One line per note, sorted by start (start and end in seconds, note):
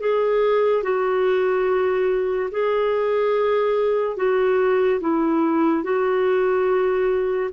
0.00 0.83 G#4
0.83 2.50 F#4
2.50 4.16 G#4
4.16 5.00 F#4
5.00 5.83 E4
5.83 7.50 F#4